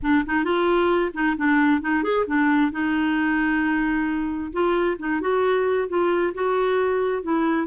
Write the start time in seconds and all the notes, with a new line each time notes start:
0.02 D4
0.25 D#4
0.44 F4
1.13 D#4
1.36 D4
1.81 D#4
2.03 G#4
2.26 D4
2.71 D#4
4.52 F4
4.98 D#4
5.20 F#4
5.88 F4
6.34 F#4
7.23 E4